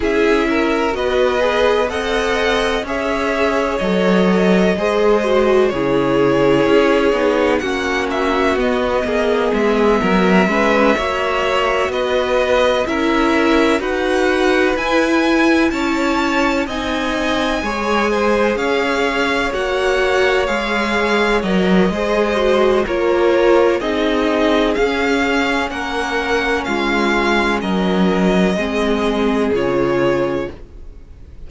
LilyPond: <<
  \new Staff \with { instrumentName = "violin" } { \time 4/4 \tempo 4 = 63 e''4 dis''4 fis''4 e''4 | dis''2 cis''2 | fis''8 e''8 dis''4 e''2~ | e''8 dis''4 e''4 fis''4 gis''8~ |
gis''8 a''4 gis''2 f''8~ | f''8 fis''4 f''4 dis''4. | cis''4 dis''4 f''4 fis''4 | f''4 dis''2 cis''4 | }
  \new Staff \with { instrumentName = "violin" } { \time 4/4 gis'8 ais'8 b'4 dis''4 cis''4~ | cis''4 c''4 gis'2 | fis'4. gis'4 ais'8 b'8 cis''8~ | cis''8 b'4 ais'4 b'4.~ |
b'8 cis''4 dis''4 cis''8 c''8 cis''8~ | cis''2. c''4 | ais'4 gis'2 ais'4 | f'4 ais'4 gis'2 | }
  \new Staff \with { instrumentName = "viola" } { \time 4/4 e'4 fis'8 gis'8 a'4 gis'4 | a'4 gis'8 fis'8 e'4. dis'8 | cis'4 b2 cis'8 fis'8~ | fis'4. e'4 fis'4 e'8~ |
e'4. dis'4 gis'4.~ | gis'8 fis'4 gis'4 ais'8 gis'8 fis'8 | f'4 dis'4 cis'2~ | cis'2 c'4 f'4 | }
  \new Staff \with { instrumentName = "cello" } { \time 4/4 cis'4 b4 c'4 cis'4 | fis4 gis4 cis4 cis'8 b8 | ais4 b8 ais8 gis8 fis8 gis8 ais8~ | ais8 b4 cis'4 dis'4 e'8~ |
e'8 cis'4 c'4 gis4 cis'8~ | cis'8 ais4 gis4 fis8 gis4 | ais4 c'4 cis'4 ais4 | gis4 fis4 gis4 cis4 | }
>>